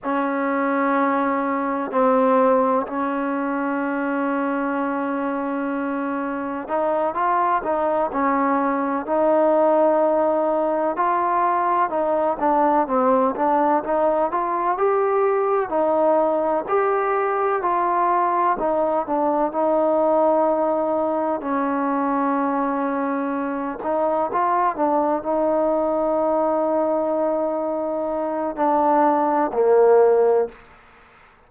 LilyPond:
\new Staff \with { instrumentName = "trombone" } { \time 4/4 \tempo 4 = 63 cis'2 c'4 cis'4~ | cis'2. dis'8 f'8 | dis'8 cis'4 dis'2 f'8~ | f'8 dis'8 d'8 c'8 d'8 dis'8 f'8 g'8~ |
g'8 dis'4 g'4 f'4 dis'8 | d'8 dis'2 cis'4.~ | cis'4 dis'8 f'8 d'8 dis'4.~ | dis'2 d'4 ais4 | }